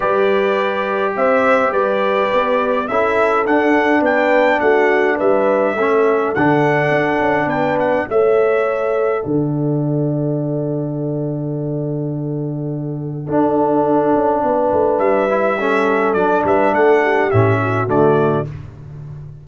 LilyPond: <<
  \new Staff \with { instrumentName = "trumpet" } { \time 4/4 \tempo 4 = 104 d''2 e''4 d''4~ | d''4 e''4 fis''4 g''4 | fis''4 e''2 fis''4~ | fis''4 g''8 fis''8 e''2 |
fis''1~ | fis''1~ | fis''2 e''2 | d''8 e''8 fis''4 e''4 d''4 | }
  \new Staff \with { instrumentName = "horn" } { \time 4/4 b'2 c''4 b'4~ | b'4 a'2 b'4 | fis'4 b'4 a'2~ | a'4 b'4 cis''2 |
d''1~ | d''2. a'4~ | a'4 b'2 a'4~ | a'8 b'8 a'8 g'4 fis'4. | }
  \new Staff \with { instrumentName = "trombone" } { \time 4/4 g'1~ | g'4 e'4 d'2~ | d'2 cis'4 d'4~ | d'2 a'2~ |
a'1~ | a'2. d'4~ | d'2~ d'8 e'8 cis'4 | d'2 cis'4 a4 | }
  \new Staff \with { instrumentName = "tuba" } { \time 4/4 g2 c'4 g4 | b4 cis'4 d'4 b4 | a4 g4 a4 d4 | d'8 cis'8 b4 a2 |
d1~ | d2. d'4~ | d'8 cis'8 b8 a8 g2 | fis8 g8 a4 a,4 d4 | }
>>